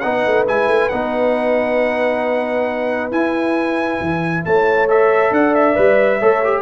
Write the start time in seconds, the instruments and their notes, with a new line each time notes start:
0.00 tuba B3, trombone D#4, horn B4, trumpet F#5
0.27 tuba A3
0.47 tuba G#3, trombone E4, trumpet G#5
0.68 tuba A3
0.90 tuba B3, trombone D#4, trumpet F#5
3.12 tuba E4, trombone E4, trumpet G#5
4.01 tuba E3
4.45 tuba A3, horn C#5, trumpet A5
4.88 trombone A4, trumpet E5
5.32 tuba D4, horn D5, trumpet F#5
5.55 trumpet E5
5.75 tuba G3, trombone B4
6.20 tuba A3, trombone A4, horn C#5
6.45 trombone G4